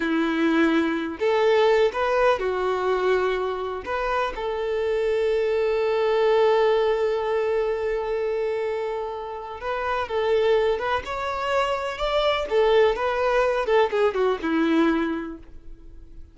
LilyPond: \new Staff \with { instrumentName = "violin" } { \time 4/4 \tempo 4 = 125 e'2~ e'8 a'4. | b'4 fis'2. | b'4 a'2.~ | a'1~ |
a'1 | b'4 a'4. b'8 cis''4~ | cis''4 d''4 a'4 b'4~ | b'8 a'8 gis'8 fis'8 e'2 | }